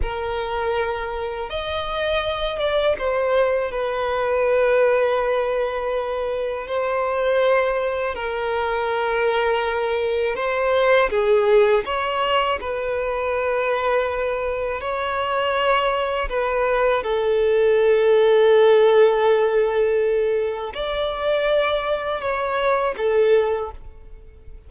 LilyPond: \new Staff \with { instrumentName = "violin" } { \time 4/4 \tempo 4 = 81 ais'2 dis''4. d''8 | c''4 b'2.~ | b'4 c''2 ais'4~ | ais'2 c''4 gis'4 |
cis''4 b'2. | cis''2 b'4 a'4~ | a'1 | d''2 cis''4 a'4 | }